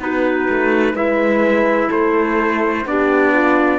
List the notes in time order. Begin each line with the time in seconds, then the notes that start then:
0.00 B3 D#4 F#4 B4
0.50 A3
0.94 G#3 E4 B4 E5
1.89 A3 A4 C5
2.86 B3 D4 G4 D5
3.34 F4